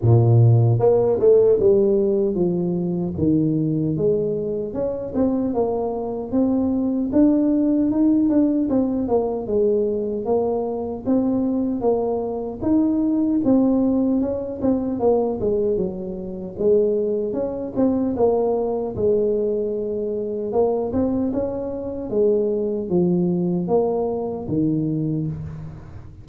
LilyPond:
\new Staff \with { instrumentName = "tuba" } { \time 4/4 \tempo 4 = 76 ais,4 ais8 a8 g4 f4 | dis4 gis4 cis'8 c'8 ais4 | c'4 d'4 dis'8 d'8 c'8 ais8 | gis4 ais4 c'4 ais4 |
dis'4 c'4 cis'8 c'8 ais8 gis8 | fis4 gis4 cis'8 c'8 ais4 | gis2 ais8 c'8 cis'4 | gis4 f4 ais4 dis4 | }